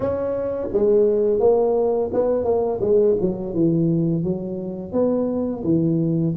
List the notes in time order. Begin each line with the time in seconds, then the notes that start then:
0.00 C#4
0.72 G#3
1.39 A#3
2.13 B3
2.44 A#3
2.80 G#3
3.21 F#3
3.54 E3
4.23 F#3
4.92 B3
5.63 E3